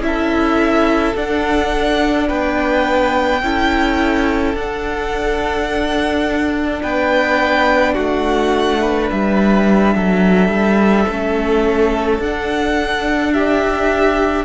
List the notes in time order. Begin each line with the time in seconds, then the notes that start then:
0.00 C#4 E4 E5
0.07 A4
1.15 D4 F#5
2.28 B3 B4 G5
3.42 C#4 E4 A4
4.54 D4 F#5
6.83 B3 B4 G5
7.94 A3 F#4 F#5
8.81 B4
9.11 G3 E5
9.95 F#3 A4
10.49 G3
11.09 A3 C#4
12.19 D4 F#5
13.33 G4 E5